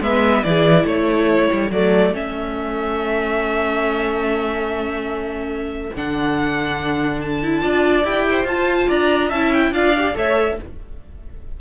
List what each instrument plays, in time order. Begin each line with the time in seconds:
0.00 cello G#3, viola B3, violin B4 E5
0.43 cello E3, viola E4, violin G#4 D5
0.84 cello A3, violin A4 C#5
1.52 cello G3
1.70 cello F#3, viola A3, violin D5
2.10 cello A3, viola C#4, violin E5
5.95 cello D3, viola D4, violin F#5
7.21 violin A5
7.43 viola E4
7.60 cello D4, viola F4, violin D5
8.04 cello E4, viola G4, violin G5
8.29 violin C5
8.44 cello F4, viola F4, violin A5
8.88 cello D4, violin D5 A#5
9.29 cello C#4, viola E4, violin E5 A5
9.53 violin G5
9.71 cello D4, viola F4, violin D5 F5
9.97 viola G4
10.14 cello A3, viola A4, violin C#5 E5